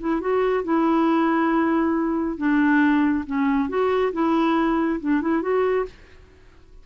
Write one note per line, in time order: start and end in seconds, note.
0.00 0.21 E4
0.21 0.64 F#4
0.64 2.38 E4
2.38 3.25 D4
3.26 3.69 C#4
3.69 4.13 F#4
4.13 5.00 E4
5.01 5.22 D4
5.22 5.42 E4
5.42 5.86 F#4